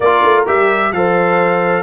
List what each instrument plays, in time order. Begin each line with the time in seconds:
0.00 tuba A#3, trombone F4, horn A#4, trumpet D5
0.23 tuba A3
0.46 tuba G3, trombone G4, trumpet E5
0.92 tuba F3, trombone A4, horn C5, trumpet F5